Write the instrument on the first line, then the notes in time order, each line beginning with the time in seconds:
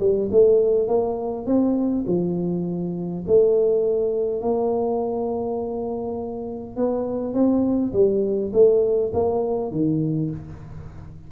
tuba
0.00 G3
0.32 A3
0.88 A#3
1.47 C4
2.07 F3
3.27 A3
4.42 A#3
6.76 B3
7.34 C4
7.93 G3
8.53 A3
9.14 A#3
9.72 D#3